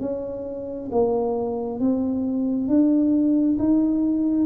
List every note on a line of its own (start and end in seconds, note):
0.00 0.90 C#4
0.92 1.80 A#3
1.80 2.68 C4
2.68 3.58 D4
3.59 4.46 D#4